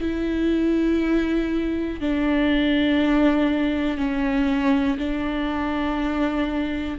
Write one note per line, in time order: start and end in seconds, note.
0.00 2.00 E4
2.00 3.98 D4
3.98 4.98 C#4
4.98 6.98 D4